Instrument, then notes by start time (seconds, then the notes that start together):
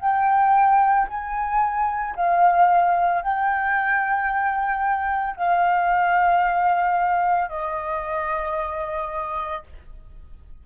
flute
0.00 G5
1.08 G#5
2.16 F5
3.22 G5
5.36 F5
7.49 D#5